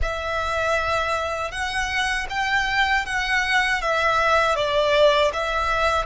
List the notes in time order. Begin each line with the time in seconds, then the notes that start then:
0.02 E5
1.51 F#5
2.29 G5
3.06 F#5
3.81 E5
4.55 D5
5.33 E5